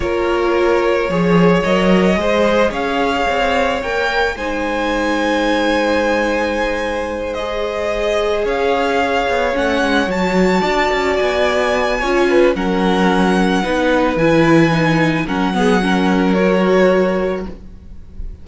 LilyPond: <<
  \new Staff \with { instrumentName = "violin" } { \time 4/4 \tempo 4 = 110 cis''2. dis''4~ | dis''4 f''2 g''4 | gis''1~ | gis''4. dis''2 f''8~ |
f''4. fis''4 a''4.~ | a''8 gis''2~ gis''8 fis''4~ | fis''2 gis''2 | fis''2 cis''2 | }
  \new Staff \with { instrumentName = "violin" } { \time 4/4 ais'2 cis''2 | c''4 cis''2. | c''1~ | c''2.~ c''8 cis''8~ |
cis''2.~ cis''8 d''8~ | d''2 cis''8 b'8 ais'4~ | ais'4 b'2. | ais'8 gis'8 ais'2. | }
  \new Staff \with { instrumentName = "viola" } { \time 4/4 f'2 gis'4 ais'4 | gis'2. ais'4 | dis'1~ | dis'4. gis'2~ gis'8~ |
gis'4. cis'4 fis'4.~ | fis'2 f'4 cis'4~ | cis'4 dis'4 e'4 dis'4 | cis'8 b8 cis'4 fis'2 | }
  \new Staff \with { instrumentName = "cello" } { \time 4/4 ais2 f4 fis4 | gis4 cis'4 c'4 ais4 | gis1~ | gis2.~ gis8 cis'8~ |
cis'4 b8 a8 gis8 fis4 d'8 | cis'8 b4. cis'4 fis4~ | fis4 b4 e2 | fis1 | }
>>